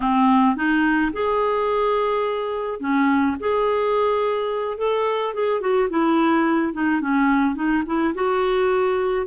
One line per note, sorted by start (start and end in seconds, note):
0.00 0.56 C4
0.56 1.12 D#4
1.12 2.80 G#4
2.80 3.36 C#4
3.39 4.77 G#4
4.77 5.33 A4
5.34 5.60 G#4
5.60 5.88 F#4
5.89 6.73 E4
6.73 7.00 D#4
7.00 7.55 C#4
7.55 7.83 D#4
7.86 8.14 E4
8.14 9.26 F#4